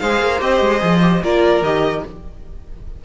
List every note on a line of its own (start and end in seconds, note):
0.00 0.21 G#3
0.00 0.40 G#4
0.00 1.23 C5
0.00 0.41 F5
0.21 0.42 A#3
0.40 0.61 C4
0.40 0.80 G4
0.40 1.23 D#5
0.61 0.81 G#3
0.80 1.23 F3
0.80 1.01 G#4
1.02 1.22 G4
1.23 1.62 A#3
1.23 1.64 F4
1.23 2.05 A#4
1.23 1.64 D5
1.62 2.03 D#3
1.62 2.05 G4
1.62 2.05 D#5